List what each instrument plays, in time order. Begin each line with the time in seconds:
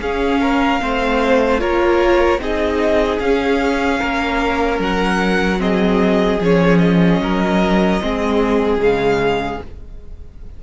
0.00 cello C#4, viola C#4, violin G#4 F5
0.41 violin A#4
0.80 cello A3, viola C4, violin C5
1.59 cello A#3, viola F4, violin A#4 C#5
2.38 cello C4, viola D#4, violin G#4 D#5
3.19 cello C#4, viola C#4, violin F5
4.00 cello A#3, violin A#4
4.79 cello F#3, violin F#5
5.58 viola C4, violin G#4 D#5
6.40 cello F3, viola C#4, violin C#5
6.78 violin D#5
7.20 cello F#3, violin A#4
8.01 cello G#3, viola C4, violin G#4
8.78 cello C#3, viola G#3, violin F5